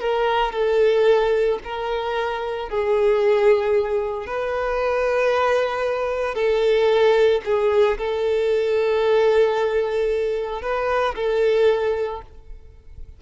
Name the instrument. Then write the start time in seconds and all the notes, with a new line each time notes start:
violin
0.00 A#4
0.53 A4
1.64 A#4
2.69 G#4
4.26 B4
6.35 A4
7.45 G#4
7.98 A4
10.62 B4
11.16 A4